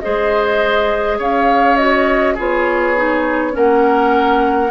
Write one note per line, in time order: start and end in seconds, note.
0.00 1.19 G#3
0.00 1.78 G#4
0.00 1.18 C5
0.00 1.18 D#5
1.18 2.37 C#4
1.18 2.34 C#5
1.18 1.77 F5
1.77 2.37 F#4
1.77 2.36 D#5
2.34 3.55 B3
2.34 2.96 F4
2.34 3.52 G#4
2.34 3.56 C#5
2.96 3.52 D#4
3.52 4.71 A#3
3.52 4.69 C#4
3.52 4.71 A#4
3.52 4.71 F#5